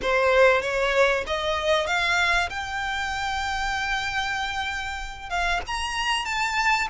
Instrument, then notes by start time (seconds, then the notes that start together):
violin
0.01 C5
0.61 C#5
1.26 D#5
1.86 F5
2.49 G5
5.29 F5
5.66 A#5
6.25 A5